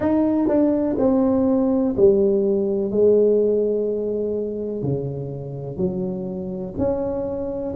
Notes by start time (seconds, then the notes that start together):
0.00 D#4
0.48 D4
0.98 C4
1.97 G3
2.91 G#3
4.82 C#3
5.77 F#3
6.77 C#4